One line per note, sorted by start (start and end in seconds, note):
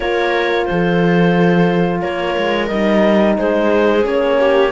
0.00 0.68 A#3
0.00 2.69 F4
0.00 0.68 A#4
0.00 0.65 C#5
0.65 2.02 F3
0.65 2.01 A4
0.65 2.00 C5
2.01 2.36 A#3
2.01 3.36 A#4
2.01 2.67 C#5
2.38 2.70 G#3
2.67 3.37 G3
2.67 4.02 D#4
2.67 3.34 D#5
3.37 4.05 G#3
3.37 4.39 G#4
3.37 4.05 C5
4.02 4.71 A#3
4.02 4.69 C#4
4.02 4.71 C#5
4.39 4.71 G4